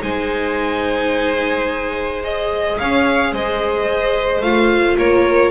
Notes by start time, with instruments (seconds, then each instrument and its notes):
0.00 double bass G#3, viola D#4, violin C5 G#5
2.23 viola G#4, violin D#5
2.78 double bass C#4, violin C#5 F5
3.32 double bass G#3, violin C5 D#5
4.41 double bass A3, viola F4, violin F5
4.97 double bass A#3, violin A#4 C#5